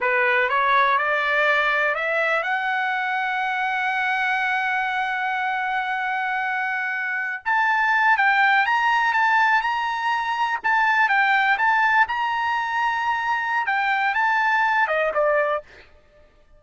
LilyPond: \new Staff \with { instrumentName = "trumpet" } { \time 4/4 \tempo 4 = 123 b'4 cis''4 d''2 | e''4 fis''2.~ | fis''1~ | fis''2.~ fis''16 a''8.~ |
a''8. g''4 ais''4 a''4 ais''16~ | ais''4.~ ais''16 a''4 g''4 a''16~ | a''8. ais''2.~ ais''16 | g''4 a''4. dis''8 d''4 | }